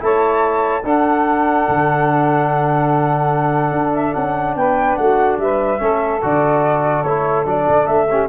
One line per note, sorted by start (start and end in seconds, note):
0.00 0.84 A3
0.00 0.83 E4
0.00 0.82 C#5
0.00 0.85 A5
0.82 1.66 D4
0.82 5.79 D4
0.82 4.54 A4
0.82 3.94 F#5
1.68 3.72 D3
3.72 4.13 D4
3.94 4.14 E5
4.14 4.56 C#4
4.14 4.55 F#5
4.56 4.97 B3
4.56 4.99 B4
4.56 4.96 G5
4.96 5.38 A3
4.96 5.41 F#4
4.96 5.37 F#5
5.38 5.80 G3
5.38 5.81 B4
5.38 6.21 E5
5.79 6.22 A3
5.79 6.20 C#4
5.79 8.08 A4
6.22 7.04 D3
6.22 7.05 F#4
6.22 7.03 D5
7.03 7.45 A3
7.03 7.45 E4
7.03 7.44 C#5
7.45 7.67 F#3
7.45 8.07 D4
7.45 7.87 D5
7.68 7.87 D3
7.87 8.29 A3
7.87 8.28 E5
8.08 8.29 C#4
8.08 8.29 G4